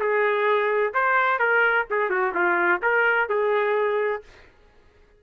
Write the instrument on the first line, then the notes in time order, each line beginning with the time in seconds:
trumpet
0.00 G#4
0.94 C5
1.39 A#4
1.90 G#4
2.10 F#4
2.35 F4
2.83 A#4
3.29 G#4